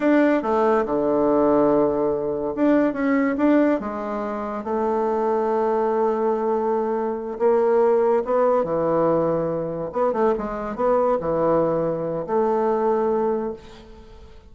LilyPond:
\new Staff \with { instrumentName = "bassoon" } { \time 4/4 \tempo 4 = 142 d'4 a4 d2~ | d2 d'4 cis'4 | d'4 gis2 a4~ | a1~ |
a4. ais2 b8~ | b8 e2. b8 | a8 gis4 b4 e4.~ | e4 a2. | }